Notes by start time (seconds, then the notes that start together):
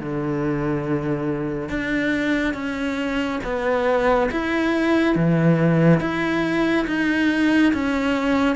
0.00 D3
1.69 D4
2.54 C#4
3.44 B3
4.32 E4
5.16 E3
6.01 E4
6.88 D#4
7.74 C#4